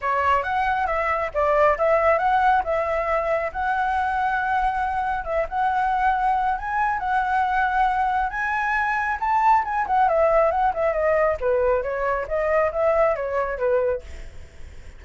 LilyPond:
\new Staff \with { instrumentName = "flute" } { \time 4/4 \tempo 4 = 137 cis''4 fis''4 e''4 d''4 | e''4 fis''4 e''2 | fis''1 | e''8 fis''2~ fis''8 gis''4 |
fis''2. gis''4~ | gis''4 a''4 gis''8 fis''8 e''4 | fis''8 e''8 dis''4 b'4 cis''4 | dis''4 e''4 cis''4 b'4 | }